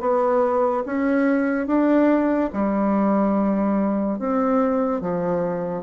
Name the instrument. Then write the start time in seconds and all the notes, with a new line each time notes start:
bassoon
0.00 B3
0.86 C#4
1.67 D4
2.53 G3
4.19 C4
5.01 F3